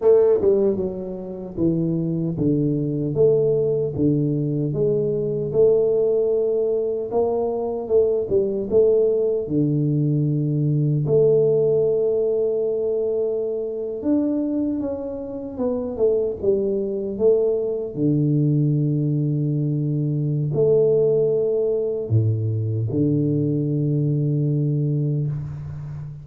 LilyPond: \new Staff \with { instrumentName = "tuba" } { \time 4/4 \tempo 4 = 76 a8 g8 fis4 e4 d4 | a4 d4 gis4 a4~ | a4 ais4 a8 g8 a4 | d2 a2~ |
a4.~ a16 d'4 cis'4 b16~ | b16 a8 g4 a4 d4~ d16~ | d2 a2 | a,4 d2. | }